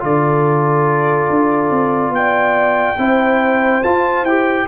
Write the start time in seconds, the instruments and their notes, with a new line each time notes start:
0.00 tuba D3, trombone F4, horn A4, trumpet D5
1.29 tuba D4
1.70 tuba C4
2.09 tuba B3, trumpet G5
2.16 horn D5
2.97 tuba C4, trombone E4, horn C5
3.83 tuba F4, trombone F4, trumpet A5
4.23 tuba E4, trombone G4, trumpet G5